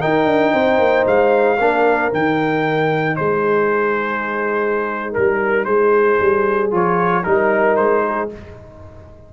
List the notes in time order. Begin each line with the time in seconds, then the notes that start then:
0.00 D#4 A#4 G5
0.27 D4
0.54 C4 C5
0.79 A#3
1.07 G#3 F5
1.59 A#3 D4 A#4
2.12 D#3 D#4 G5
3.16 G#3 G#4 C5
5.12 G3 A#4
5.65 G#3 G#4 C5
6.21 G3
6.71 F3 F4 C#5
7.24 G3 D#4 A#4
7.77 G#3 C5
8.07 G#4